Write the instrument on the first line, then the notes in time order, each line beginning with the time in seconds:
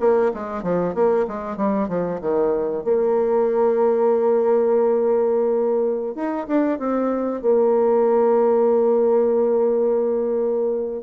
bassoon
0.00 A#3
0.34 G#3
0.63 F3
0.94 A#3
1.28 G#3
1.56 G3
1.88 F3
2.21 D#3
2.84 A#3
6.15 D#4
6.47 D4
6.79 C4
7.42 A#3